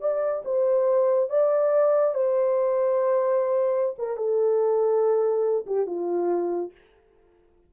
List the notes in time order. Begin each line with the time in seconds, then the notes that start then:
0.00 D5
0.45 C5
1.29 D5
2.14 C5
3.98 A#4
4.16 A4
5.66 G4
5.86 F4